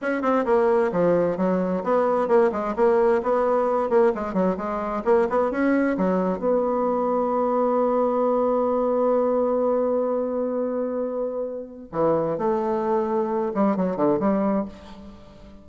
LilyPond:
\new Staff \with { instrumentName = "bassoon" } { \time 4/4 \tempo 4 = 131 cis'8 c'8 ais4 f4 fis4 | b4 ais8 gis8 ais4 b4~ | b8 ais8 gis8 fis8 gis4 ais8 b8 | cis'4 fis4 b2~ |
b1~ | b1~ | b2 e4 a4~ | a4. g8 fis8 d8 g4 | }